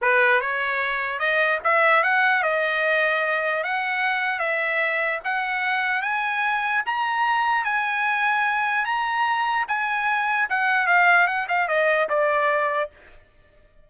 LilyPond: \new Staff \with { instrumentName = "trumpet" } { \time 4/4 \tempo 4 = 149 b'4 cis''2 dis''4 | e''4 fis''4 dis''2~ | dis''4 fis''2 e''4~ | e''4 fis''2 gis''4~ |
gis''4 ais''2 gis''4~ | gis''2 ais''2 | gis''2 fis''4 f''4 | fis''8 f''8 dis''4 d''2 | }